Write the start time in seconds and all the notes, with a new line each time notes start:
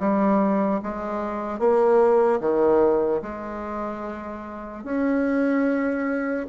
0.00 G3
0.83 G#3
1.60 A#3
2.41 D#3
3.22 G#3
4.84 C#4